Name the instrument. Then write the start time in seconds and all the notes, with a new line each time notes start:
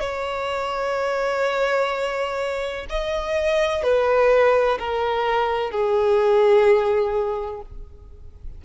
violin
0.00 C#5
2.89 D#5
3.83 B4
4.79 A#4
5.71 G#4